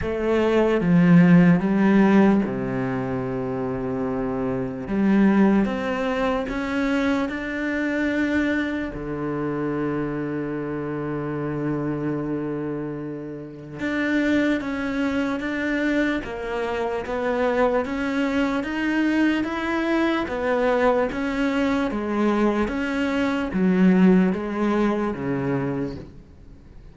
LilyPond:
\new Staff \with { instrumentName = "cello" } { \time 4/4 \tempo 4 = 74 a4 f4 g4 c4~ | c2 g4 c'4 | cis'4 d'2 d4~ | d1~ |
d4 d'4 cis'4 d'4 | ais4 b4 cis'4 dis'4 | e'4 b4 cis'4 gis4 | cis'4 fis4 gis4 cis4 | }